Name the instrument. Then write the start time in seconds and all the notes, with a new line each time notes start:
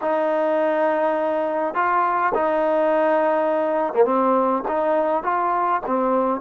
trombone
0.01 D#4
1.74 F4
2.34 D#4
3.93 A#3
4.04 C4
4.68 D#4
5.23 F4
5.86 C4